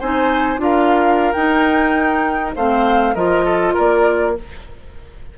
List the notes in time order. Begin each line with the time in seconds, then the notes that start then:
0.00 C4 D#4 C5 G#5
0.58 D4 F4 A#4 F5
1.33 D#4 G5
2.56 A3 C4 C5 F5
3.15 F3 F4 A#4 D#5
3.46 A4
3.74 A#3 A#4 D5